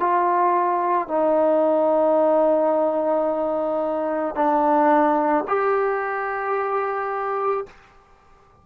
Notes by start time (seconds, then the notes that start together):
0.00 F4
1.08 D#4
4.35 D4
5.48 G4